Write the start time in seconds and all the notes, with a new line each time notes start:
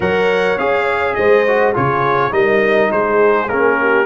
0.00 F#3 A#4 C#5 F#5
0.57 C#4 G#4 F5
1.14 G#3 C5 D#5
1.47 F#4
1.74 C#3 F4 G#4 C#5
2.30 G3 D#4 A#4 D#5
2.91 G#3 G#4 C5
3.48 A#3 C#4 A#4
3.80 G4